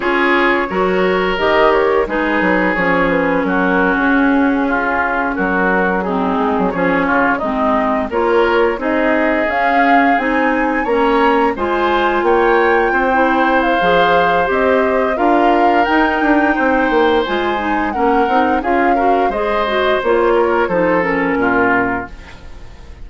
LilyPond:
<<
  \new Staff \with { instrumentName = "flute" } { \time 4/4 \tempo 4 = 87 cis''2 dis''8 cis''8 b'4 | cis''8 b'8 ais'8. gis'2 ais'16~ | ais'8. gis'4 cis''4 dis''4 cis''16~ | cis''8. dis''4 f''4 gis''4 ais''16~ |
ais''8. gis''4 g''2 f''16~ | f''4 dis''4 f''4 g''4~ | g''4 gis''4 fis''4 f''4 | dis''4 cis''4 c''8 ais'4. | }
  \new Staff \with { instrumentName = "oboe" } { \time 4/4 gis'4 ais'2 gis'4~ | gis'4 fis'4.~ fis'16 f'4 fis'16~ | fis'8. dis'4 gis'8 f'8 dis'4 ais'16~ | ais'8. gis'2. cis''16~ |
cis''8. c''4 cis''4 c''4~ c''16~ | c''2 ais'2 | c''2 ais'4 gis'8 ais'8 | c''4. ais'8 a'4 f'4 | }
  \new Staff \with { instrumentName = "clarinet" } { \time 4/4 f'4 fis'4 g'4 dis'4 | cis'1~ | cis'8. c'4 cis'4 c'4 f'16~ | f'8. dis'4 cis'4 dis'4 cis'16~ |
cis'8. f'2~ f'16 e'4 | gis'4 g'4 f'4 dis'4~ | dis'4 f'8 dis'8 cis'8 dis'8 f'8 fis'8 | gis'8 fis'8 f'4 dis'8 cis'4. | }
  \new Staff \with { instrumentName = "bassoon" } { \time 4/4 cis'4 fis4 dis4 gis8 fis8 | f4 fis8. cis'2 fis16~ | fis4~ fis16 gis16 fis16 f8 cis8 gis4 ais16~ | ais8. c'4 cis'4 c'4 ais16~ |
ais8. gis4 ais4 c'4~ c'16 | f4 c'4 d'4 dis'8 d'8 | c'8 ais8 gis4 ais8 c'8 cis'4 | gis4 ais4 f4 ais,4 | }
>>